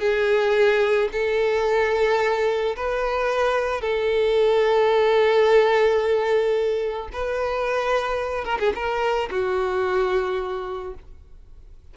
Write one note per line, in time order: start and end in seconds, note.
0.00 1.09 G#4
1.13 2.76 A4
2.77 3.81 B4
3.81 7.09 A4
7.13 8.45 B4
8.45 8.59 A#4
8.60 8.73 G#4
8.75 9.30 A#4
9.31 10.95 F#4